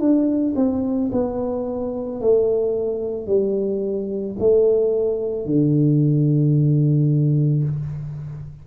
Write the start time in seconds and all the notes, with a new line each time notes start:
0.00 D4
0.56 C4
1.12 B3
2.21 A3
3.27 G3
4.39 A3
5.46 D3